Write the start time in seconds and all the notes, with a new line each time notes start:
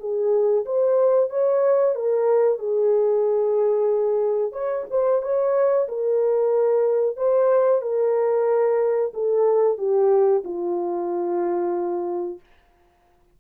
0.00 G#4
0.66 C5
1.30 C#5
1.95 A#4
2.59 G#4
4.53 C#5
4.91 C5
5.22 C#5
5.88 A#4
7.17 C5
7.82 A#4
9.14 A4
9.78 G4
10.45 F4